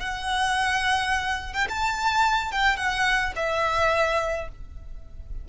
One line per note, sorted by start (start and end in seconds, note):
0.00 1.53 F#5
1.53 1.67 G5
1.69 2.52 A5
2.52 2.77 G5
2.77 3.33 F#5
3.36 4.48 E5